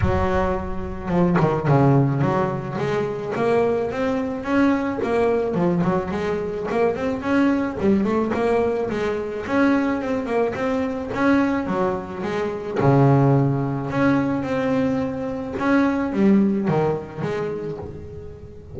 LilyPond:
\new Staff \with { instrumentName = "double bass" } { \time 4/4 \tempo 4 = 108 fis2 f8 dis8 cis4 | fis4 gis4 ais4 c'4 | cis'4 ais4 f8 fis8 gis4 | ais8 c'8 cis'4 g8 a8 ais4 |
gis4 cis'4 c'8 ais8 c'4 | cis'4 fis4 gis4 cis4~ | cis4 cis'4 c'2 | cis'4 g4 dis4 gis4 | }